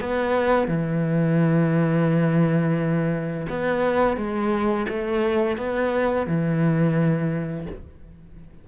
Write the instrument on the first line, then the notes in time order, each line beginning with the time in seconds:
cello
0.00 B3
0.68 E3
3.49 B3
4.16 G#3
4.89 A3
5.57 B3
6.27 E3